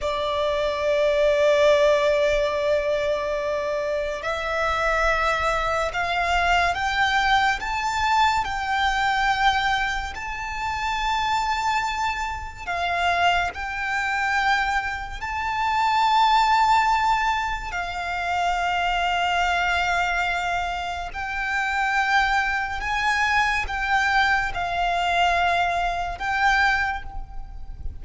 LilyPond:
\new Staff \with { instrumentName = "violin" } { \time 4/4 \tempo 4 = 71 d''1~ | d''4 e''2 f''4 | g''4 a''4 g''2 | a''2. f''4 |
g''2 a''2~ | a''4 f''2.~ | f''4 g''2 gis''4 | g''4 f''2 g''4 | }